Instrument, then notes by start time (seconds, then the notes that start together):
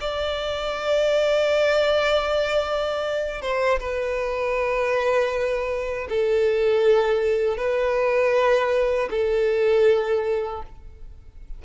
violin
0.00 D5
3.41 C5
3.79 B4
6.09 A4
7.57 B4
9.10 A4